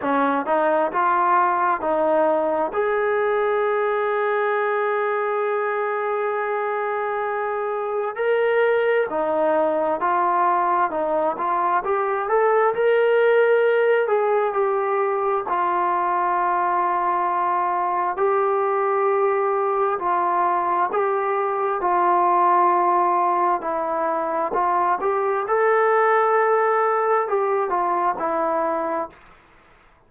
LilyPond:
\new Staff \with { instrumentName = "trombone" } { \time 4/4 \tempo 4 = 66 cis'8 dis'8 f'4 dis'4 gis'4~ | gis'1~ | gis'4 ais'4 dis'4 f'4 | dis'8 f'8 g'8 a'8 ais'4. gis'8 |
g'4 f'2. | g'2 f'4 g'4 | f'2 e'4 f'8 g'8 | a'2 g'8 f'8 e'4 | }